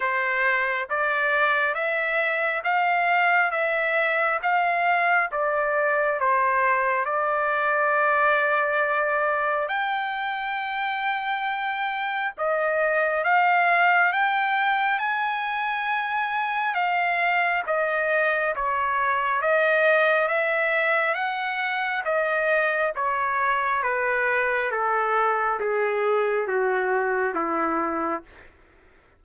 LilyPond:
\new Staff \with { instrumentName = "trumpet" } { \time 4/4 \tempo 4 = 68 c''4 d''4 e''4 f''4 | e''4 f''4 d''4 c''4 | d''2. g''4~ | g''2 dis''4 f''4 |
g''4 gis''2 f''4 | dis''4 cis''4 dis''4 e''4 | fis''4 dis''4 cis''4 b'4 | a'4 gis'4 fis'4 e'4 | }